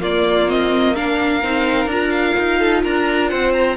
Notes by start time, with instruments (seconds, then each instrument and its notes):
0.00 viola A#3, cello A#3, violin F4 D5
0.47 viola C4, violin D#5
0.95 viola D4, violin A#4 F5
1.43 cello C4, viola D#4
1.86 cello D4, viola F4, violin A#5
2.10 violin F5
2.38 cello D#4
2.58 violin A4
2.83 cello D4, violin A#4 A#5
3.29 cello C4, violin C5 F#5
3.53 violin A#5